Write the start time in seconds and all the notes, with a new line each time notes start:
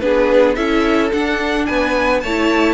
0.00 B3 D4 G#4 B4
0.55 C#4 E4 A4 E5
1.13 D4 F#5
1.66 B3 B4 G#5
2.20 A3 C#5 A5
2.28 E4